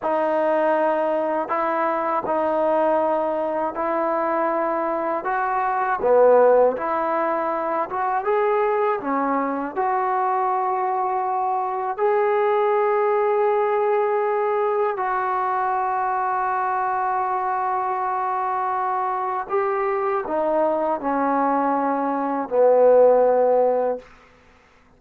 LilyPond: \new Staff \with { instrumentName = "trombone" } { \time 4/4 \tempo 4 = 80 dis'2 e'4 dis'4~ | dis'4 e'2 fis'4 | b4 e'4. fis'8 gis'4 | cis'4 fis'2. |
gis'1 | fis'1~ | fis'2 g'4 dis'4 | cis'2 b2 | }